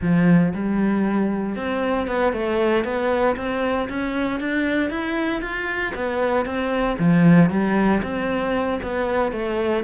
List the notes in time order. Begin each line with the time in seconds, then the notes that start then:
0.01 F3
0.53 G3
1.56 C4
2.07 B3
2.33 A3
2.84 B3
3.36 C4
3.88 C#4
4.40 D4
4.89 E4
5.41 F4
5.94 B3
6.45 C4
6.98 F3
7.50 G3
8.02 C4
8.82 B3
9.32 A3